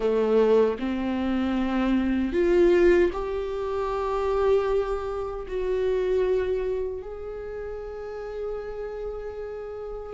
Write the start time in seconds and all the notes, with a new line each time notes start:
0.00 A3
0.79 C4
2.32 F4
3.12 G4
5.47 F#4
7.01 G#4